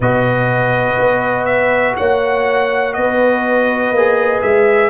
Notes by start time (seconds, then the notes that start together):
0.00 B2 F#4 B4 D#5
0.98 B3
1.45 E5
1.96 A#3 C#5 F#5
2.93 B3 B4 D#5
3.92 A#3 G#4
4.42 G#3 E5